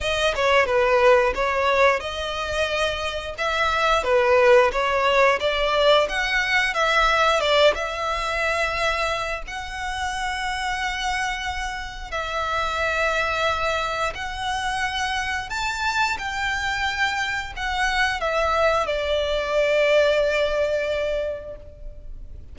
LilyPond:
\new Staff \with { instrumentName = "violin" } { \time 4/4 \tempo 4 = 89 dis''8 cis''8 b'4 cis''4 dis''4~ | dis''4 e''4 b'4 cis''4 | d''4 fis''4 e''4 d''8 e''8~ | e''2 fis''2~ |
fis''2 e''2~ | e''4 fis''2 a''4 | g''2 fis''4 e''4 | d''1 | }